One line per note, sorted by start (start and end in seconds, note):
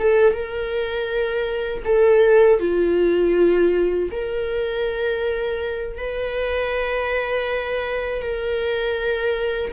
0.00 0.33 A4
0.33 1.83 A#4
1.85 2.60 A4
2.60 4.10 F4
4.11 5.98 A#4
5.98 8.22 B4
8.22 9.72 A#4